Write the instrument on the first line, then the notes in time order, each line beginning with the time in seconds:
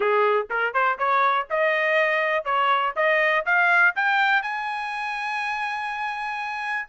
trumpet
0.00 G#4
0.50 A#4
0.73 C5
0.98 C#5
1.50 D#5
2.44 C#5
2.96 D#5
3.45 F5
3.95 G5
4.42 G#5